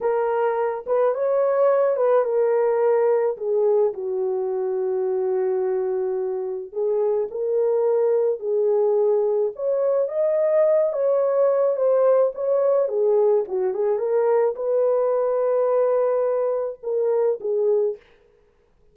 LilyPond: \new Staff \with { instrumentName = "horn" } { \time 4/4 \tempo 4 = 107 ais'4. b'8 cis''4. b'8 | ais'2 gis'4 fis'4~ | fis'1 | gis'4 ais'2 gis'4~ |
gis'4 cis''4 dis''4. cis''8~ | cis''4 c''4 cis''4 gis'4 | fis'8 gis'8 ais'4 b'2~ | b'2 ais'4 gis'4 | }